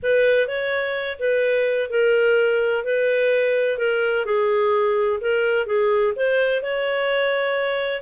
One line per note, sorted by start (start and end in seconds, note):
0.02 0.47 B4
0.47 1.18 C#5
1.19 1.90 B4
1.90 2.84 A#4
2.84 3.78 B4
3.78 4.25 A#4
4.25 5.19 G#4
5.20 5.66 A#4
5.66 6.13 G#4
6.16 6.62 C5
6.62 8.02 C#5